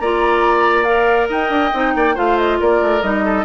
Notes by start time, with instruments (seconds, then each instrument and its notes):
0.00 bassoon A#3, clarinet F4, oboe D5, flute A#5
0.84 clarinet A#4, flute F5
1.28 bassoon D#4, oboe D#5, flute G5
1.49 bassoon D4
1.73 bassoon C4, clarinet D#4
1.95 bassoon A#3, oboe D5
2.14 bassoon A3, clarinet F4, oboe C5, flute F5
2.37 flute D#5
2.59 bassoon A#3, oboe A#4, flute D5
2.81 bassoon A3
3.02 bassoon G3, clarinet D#4, flute D#5
3.24 oboe A4